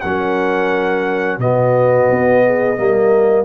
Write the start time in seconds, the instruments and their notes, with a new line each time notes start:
0.00 tuba F#3, trombone C#4, horn A#4, trumpet F#5
1.38 tuba B2, trombone B3, horn F#4, trumpet D#5
2.10 tuba B3
2.45 horn G#4
2.76 tuba G3, trombone A#3, horn A#4